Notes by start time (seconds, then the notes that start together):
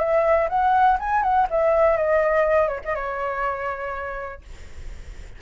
0.00 E5
0.49 F#5
1.00 G#5
1.23 F#5
1.51 E5
1.98 D#5
2.68 C#5
2.85 D#5
2.96 C#5